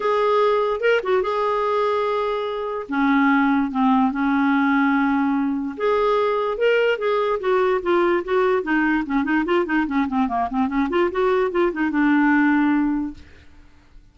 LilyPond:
\new Staff \with { instrumentName = "clarinet" } { \time 4/4 \tempo 4 = 146 gis'2 ais'8 fis'8 gis'4~ | gis'2. cis'4~ | cis'4 c'4 cis'2~ | cis'2 gis'2 |
ais'4 gis'4 fis'4 f'4 | fis'4 dis'4 cis'8 dis'8 f'8 dis'8 | cis'8 c'8 ais8 c'8 cis'8 f'8 fis'4 | f'8 dis'8 d'2. | }